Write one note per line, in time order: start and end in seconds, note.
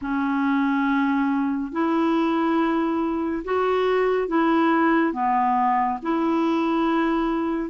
0.01 1.72 C#4
1.72 3.43 E4
3.44 4.27 F#4
4.27 5.12 E4
5.12 5.98 B3
6.02 7.69 E4